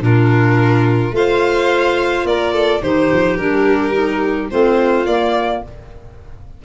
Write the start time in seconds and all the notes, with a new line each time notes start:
0.00 A#2 D4 F4 A#4
1.11 A3 F4 C5 F5
2.24 A#3 A#4 D5
2.53 A4
2.82 D#3 D#4 G4 C5
3.12 F3
3.36 G3 D4 A#4
3.93 D#4
4.49 A3 C4 F4 C5
5.06 A#3 D5